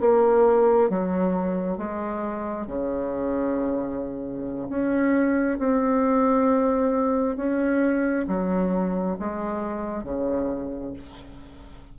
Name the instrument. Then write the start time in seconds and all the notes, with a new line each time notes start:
bassoon
0.00 A#3
0.90 F#3
1.78 G#3
2.67 C#3
4.69 C#4
5.59 C4
7.37 C#4
8.28 F#3
9.19 G#3
10.04 C#3